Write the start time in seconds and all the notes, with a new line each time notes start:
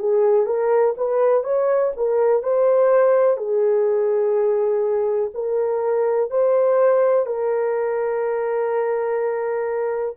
0.00 G#4
0.47 A#4
0.98 B4
1.44 C#5
1.97 A#4
2.43 C5
3.38 G#4
5.34 A#4
6.31 C5
7.27 A#4